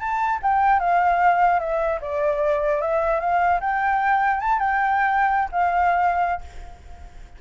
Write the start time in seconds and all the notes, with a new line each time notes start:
0.00 A5
0.43 G5
0.80 F5
1.60 E5
2.02 D5
2.82 E5
3.20 F5
3.61 G5
4.41 A5
4.60 G5
5.52 F5